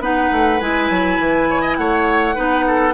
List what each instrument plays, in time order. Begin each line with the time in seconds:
0.00 bassoon B3, clarinet D#4, oboe B4, flute F#5
0.31 bassoon A3
0.60 bassoon G#3, clarinet E4, flute G#5
0.90 bassoon F#3
1.19 bassoon E3
1.50 oboe C#5
1.61 oboe D#5
1.76 bassoon A3, oboe C#5, flute F#5
2.35 bassoon B3, clarinet D#4, oboe B4
2.67 oboe A4